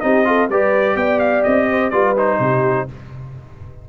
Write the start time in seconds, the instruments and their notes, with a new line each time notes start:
0.00 tuba C4, trombone D#4, horn G4, trumpet D#5
0.25 trombone F4, horn A4
0.49 tuba G3, trombone G4, horn B4, trumpet D5
0.96 tuba B3, horn D5, trumpet G5
1.19 trumpet F5
1.43 tuba C4, trumpet D#5
1.70 horn C5
1.90 tuba G3, trombone F4, horn B4, trumpet D5
2.16 trombone D#4, trumpet C5
2.39 tuba C3, horn G4